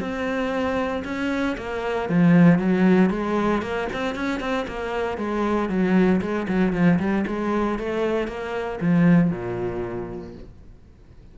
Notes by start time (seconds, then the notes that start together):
0.00 C4
1.05 C#4
1.58 A#3
2.09 F3
2.59 F#3
3.10 G#3
3.62 A#3
3.93 C4
4.15 C#4
4.40 C4
4.68 A#3
5.18 G#3
5.69 F#3
6.21 G#3
6.48 F#3
6.73 F3
6.99 G3
7.27 G#3
7.79 A3
8.28 A#3
8.81 F3
9.31 A#2